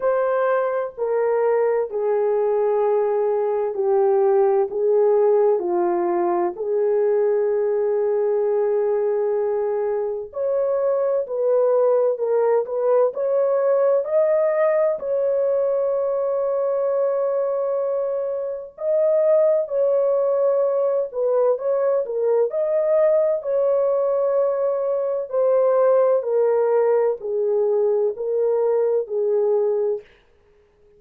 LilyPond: \new Staff \with { instrumentName = "horn" } { \time 4/4 \tempo 4 = 64 c''4 ais'4 gis'2 | g'4 gis'4 f'4 gis'4~ | gis'2. cis''4 | b'4 ais'8 b'8 cis''4 dis''4 |
cis''1 | dis''4 cis''4. b'8 cis''8 ais'8 | dis''4 cis''2 c''4 | ais'4 gis'4 ais'4 gis'4 | }